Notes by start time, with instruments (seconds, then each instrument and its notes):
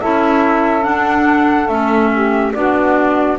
0.00 double bass C#4, clarinet E4, saxophone A4, flute E5
0.82 clarinet D4, double bass D4, flute F#5
1.68 double bass A3, clarinet C#4, flute E5
2.12 saxophone G4
2.54 double bass B3, clarinet D4, saxophone F#4, flute D5